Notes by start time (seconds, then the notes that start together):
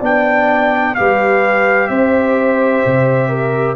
0.00 B3 D4 D5 G5
0.95 G3 G4 B4 F5
1.88 C4 C5 E5
2.86 C3
3.30 A#4